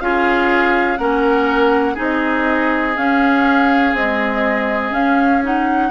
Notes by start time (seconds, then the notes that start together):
0.00 C#4 F4 G#4 F5
0.97 A#3 C#4 A#4 F#5
1.94 C4 D#4 G#4
2.01 D#5
2.97 C#4 F5
3.93 G#3 C4 D#5
4.90 C#4 F5
5.43 D#4 F#5